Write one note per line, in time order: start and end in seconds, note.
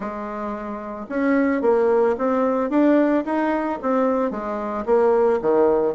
0.00 1.06 G#3
1.09 1.61 C#4
1.61 2.15 A#3
2.17 2.70 C4
2.70 3.24 D4
3.25 3.79 D#4
3.82 4.30 C4
4.30 4.85 G#3
4.85 5.39 A#3
5.41 5.94 D#3